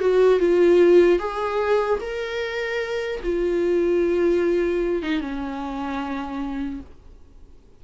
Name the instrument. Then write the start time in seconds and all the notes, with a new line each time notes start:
viola
0.00 F#4
0.39 F4
1.19 G#4
2.00 A#4
3.23 F4
5.02 D#4
5.20 C#4